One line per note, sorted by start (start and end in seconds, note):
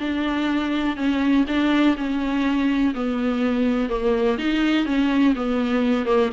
0.00 0.97 D4
0.97 1.45 C#4
1.48 1.96 D4
1.98 2.94 C#4
2.95 3.90 B3
3.90 4.38 A#3
4.39 4.86 D#4
4.86 5.34 C#4
5.36 6.06 B3
6.06 6.30 A#3